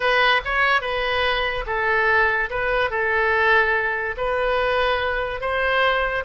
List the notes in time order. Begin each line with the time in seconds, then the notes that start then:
0.00 B4
0.44 C#5
0.81 B4
1.66 A4
2.50 B4
2.90 A4
4.17 B4
5.40 C5